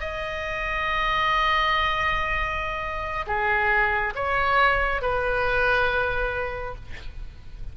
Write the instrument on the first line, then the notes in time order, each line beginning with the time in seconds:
oboe
0.00 D#5
3.27 G#4
4.15 C#5
5.02 B4